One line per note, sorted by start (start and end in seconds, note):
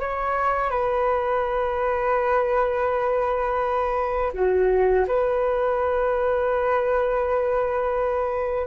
0.00 0.70 C#5
0.70 4.32 B4
4.34 5.06 F#4
5.08 8.67 B4